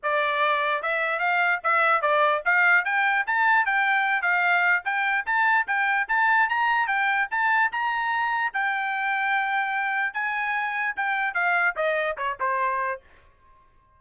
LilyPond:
\new Staff \with { instrumentName = "trumpet" } { \time 4/4 \tempo 4 = 148 d''2 e''4 f''4 | e''4 d''4 f''4 g''4 | a''4 g''4. f''4. | g''4 a''4 g''4 a''4 |
ais''4 g''4 a''4 ais''4~ | ais''4 g''2.~ | g''4 gis''2 g''4 | f''4 dis''4 cis''8 c''4. | }